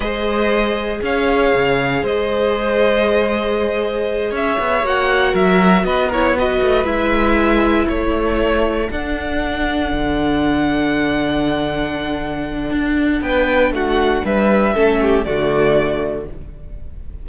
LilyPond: <<
  \new Staff \with { instrumentName = "violin" } { \time 4/4 \tempo 4 = 118 dis''2 f''2 | dis''1~ | dis''8 e''4 fis''4 e''4 dis''8 | cis''8 dis''4 e''2 cis''8~ |
cis''4. fis''2~ fis''8~ | fis''1~ | fis''2 g''4 fis''4 | e''2 d''2 | }
  \new Staff \with { instrumentName = "violin" } { \time 4/4 c''2 cis''2 | c''1~ | c''8 cis''2 ais'4 b'8 | ais'8 b'2. a'8~ |
a'1~ | a'1~ | a'2 b'4 fis'4 | b'4 a'8 g'8 fis'2 | }
  \new Staff \with { instrumentName = "viola" } { \time 4/4 gis'1~ | gis'1~ | gis'4. fis'2~ fis'8 | e'8 fis'4 e'2~ e'8~ |
e'4. d'2~ d'8~ | d'1~ | d'1~ | d'4 cis'4 a2 | }
  \new Staff \with { instrumentName = "cello" } { \time 4/4 gis2 cis'4 cis4 | gis1~ | gis8 cis'8 b8 ais4 fis4 b8~ | b4 a8 gis2 a8~ |
a4. d'2 d8~ | d1~ | d4 d'4 b4 a4 | g4 a4 d2 | }
>>